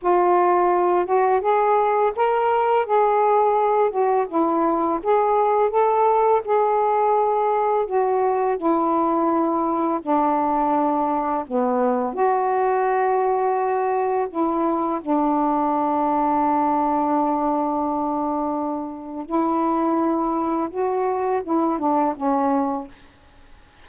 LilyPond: \new Staff \with { instrumentName = "saxophone" } { \time 4/4 \tempo 4 = 84 f'4. fis'8 gis'4 ais'4 | gis'4. fis'8 e'4 gis'4 | a'4 gis'2 fis'4 | e'2 d'2 |
b4 fis'2. | e'4 d'2.~ | d'2. e'4~ | e'4 fis'4 e'8 d'8 cis'4 | }